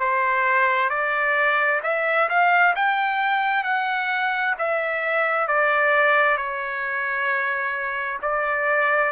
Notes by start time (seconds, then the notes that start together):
0.00 C5
0.90 D5
1.84 E5
2.29 F5
2.76 G5
3.64 F#5
4.59 E5
5.48 D5
6.38 C#5
8.23 D5